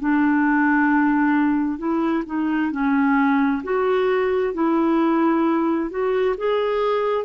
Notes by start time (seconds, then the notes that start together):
0.00 D4
1.79 E4
2.26 D#4
2.72 C#4
3.64 F#4
4.54 E4
5.90 F#4
6.38 G#4